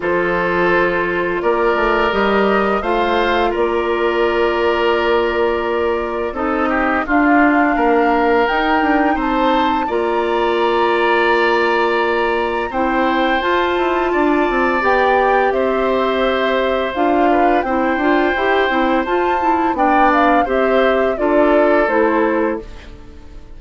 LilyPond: <<
  \new Staff \with { instrumentName = "flute" } { \time 4/4 \tempo 4 = 85 c''2 d''4 dis''4 | f''4 d''2.~ | d''4 dis''4 f''2 | g''4 a''4 ais''2~ |
ais''2 g''4 a''4~ | a''4 g''4 e''2 | f''4 g''2 a''4 | g''8 f''8 e''4 d''4 c''4 | }
  \new Staff \with { instrumentName = "oboe" } { \time 4/4 a'2 ais'2 | c''4 ais'2.~ | ais'4 a'8 g'8 f'4 ais'4~ | ais'4 c''4 d''2~ |
d''2 c''2 | d''2 c''2~ | c''8 b'8 c''2. | d''4 c''4 a'2 | }
  \new Staff \with { instrumentName = "clarinet" } { \time 4/4 f'2. g'4 | f'1~ | f'4 dis'4 d'2 | dis'2 f'2~ |
f'2 e'4 f'4~ | f'4 g'2. | f'4 e'8 f'8 g'8 e'8 f'8 e'8 | d'4 g'4 f'4 e'4 | }
  \new Staff \with { instrumentName = "bassoon" } { \time 4/4 f2 ais8 a8 g4 | a4 ais2.~ | ais4 c'4 d'4 ais4 | dis'8 d'8 c'4 ais2~ |
ais2 c'4 f'8 e'8 | d'8 c'8 b4 c'2 | d'4 c'8 d'8 e'8 c'8 f'4 | b4 c'4 d'4 a4 | }
>>